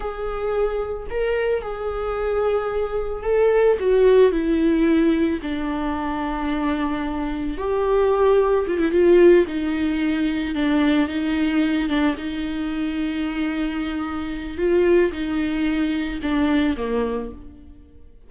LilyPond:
\new Staff \with { instrumentName = "viola" } { \time 4/4 \tempo 4 = 111 gis'2 ais'4 gis'4~ | gis'2 a'4 fis'4 | e'2 d'2~ | d'2 g'2 |
f'16 e'16 f'4 dis'2 d'8~ | d'8 dis'4. d'8 dis'4.~ | dis'2. f'4 | dis'2 d'4 ais4 | }